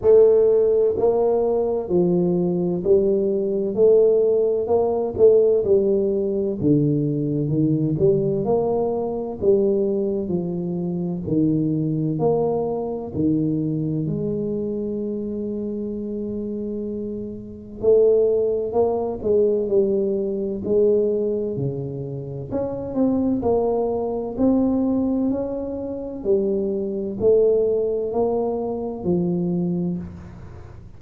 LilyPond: \new Staff \with { instrumentName = "tuba" } { \time 4/4 \tempo 4 = 64 a4 ais4 f4 g4 | a4 ais8 a8 g4 d4 | dis8 g8 ais4 g4 f4 | dis4 ais4 dis4 gis4~ |
gis2. a4 | ais8 gis8 g4 gis4 cis4 | cis'8 c'8 ais4 c'4 cis'4 | g4 a4 ais4 f4 | }